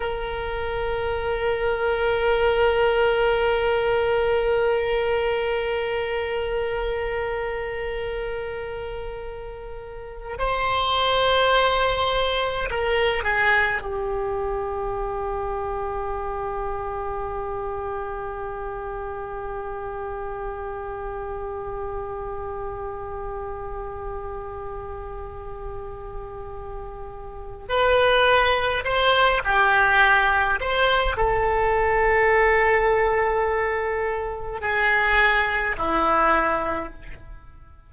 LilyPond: \new Staff \with { instrumentName = "oboe" } { \time 4/4 \tempo 4 = 52 ais'1~ | ais'1~ | ais'4 c''2 ais'8 gis'8 | g'1~ |
g'1~ | g'1 | b'4 c''8 g'4 c''8 a'4~ | a'2 gis'4 e'4 | }